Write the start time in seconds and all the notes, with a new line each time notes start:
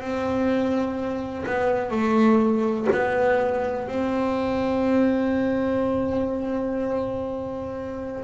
0.00 C4
1.46 B3
1.91 A3
2.92 B3
3.88 C4